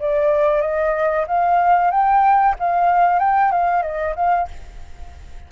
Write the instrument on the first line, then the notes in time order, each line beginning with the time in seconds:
flute
0.00 D5
0.62 D#5
1.28 F5
1.91 G5
2.60 F5
3.20 G5
3.52 F5
3.83 D#5
4.16 F5